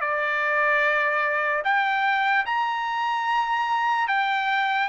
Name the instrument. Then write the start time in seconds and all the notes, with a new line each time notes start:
trumpet
0.00 D5
1.64 G5
2.45 A#5
4.08 G5